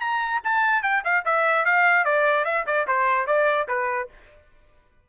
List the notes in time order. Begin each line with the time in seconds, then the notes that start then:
0.00 A#5
0.44 A5
0.82 G5
1.04 F5
1.25 E5
1.65 F5
2.05 D5
2.44 E5
2.66 D5
2.87 C5
3.27 D5
3.68 B4